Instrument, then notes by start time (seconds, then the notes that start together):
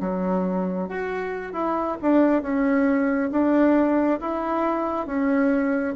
bassoon
0.00 F#3
0.89 F#4
1.53 E4
2.02 D4
2.42 C#4
3.31 D4
4.20 E4
5.06 C#4